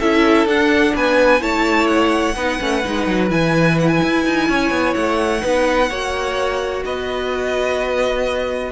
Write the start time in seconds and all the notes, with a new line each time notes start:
0.00 C#4 E4 A4 E5
0.46 D4 F#5
0.95 B3 B4 G#5
1.40 A3 E4 C#5 A5
1.88 F#5
2.36 B3 D#4 B4
2.60 A3 C#4
2.85 G#3 D#4
3.08 F#3
3.29 E3 E4 G#5
3.80 F#5
3.88 G#5
4.03 E4
4.26 D#4
4.50 C#4 C#5
4.71 B3
4.94 A3 F#5
5.41 B3 D#4 B4
5.90 A#3 F#4 C#5
6.86 B3 B4 D#5